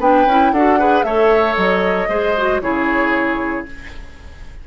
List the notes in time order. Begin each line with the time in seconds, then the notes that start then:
0.00 B3 D4 B4 G5
0.26 C#4 E4
0.52 D4 F#4 A4 F#5
0.79 G#4 B4
1.03 A3 A4 C#5 E5
1.57 F#3 D#5
2.09 G#3 G#4 C5
2.38 F#4
2.62 C#3 E4 G#4 C#5